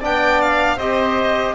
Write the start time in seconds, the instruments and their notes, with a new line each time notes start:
0.00 double bass B3, trombone D4, oboe D5, violin G5
0.42 violin F5
0.77 double bass C4, trombone G4, oboe C5, violin D#5